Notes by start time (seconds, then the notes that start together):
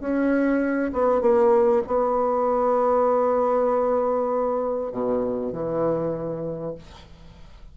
0.00 C#4
0.93 B3
1.21 A#3
1.87 B3
4.92 B2
5.53 E3